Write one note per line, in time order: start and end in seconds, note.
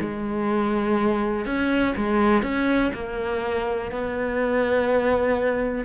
0.00 1.46 G#3
1.46 1.95 C#4
1.97 2.43 G#3
2.43 2.91 C#4
2.94 3.91 A#3
3.91 5.84 B3